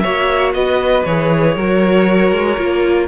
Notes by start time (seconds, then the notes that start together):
0.00 A#3 F#4 C#5 E5
0.54 B3 B4 D#5
1.05 E3 G#4 C#5
1.55 F#3 F#4 A#4
2.32 G#3
2.58 A#3 F4